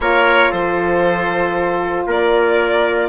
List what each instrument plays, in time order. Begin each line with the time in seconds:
0.00 bassoon A#3, saxophone F4, trumpet A#4, violin C#5
0.50 bassoon F3, trumpet A4, violin C5
2.06 bassoon A#3, trumpet A#4, violin D5